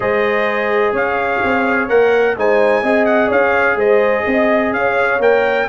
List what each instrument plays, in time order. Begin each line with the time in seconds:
0.00 tuba G#3, trombone G#4, horn C5, trumpet D#5
0.92 tuba C#4, horn C#5, trumpet F5
1.43 tuba C4
1.88 tuba A#3, trombone A#4, trumpet F#5
2.36 tuba G#3, trombone D#4, horn C5, trumpet G#5
2.82 tuba C4, trombone G#4, horn D#5
3.05 trumpet F#5
3.28 tuba C#4, horn C#5, trumpet F5
3.75 tuba G#3, horn C5, trumpet D#5
4.25 tuba C4, horn D#5
4.73 tuba C#4, horn C#5, trumpet F5
5.19 tuba A#3, trombone A#4, trumpet G5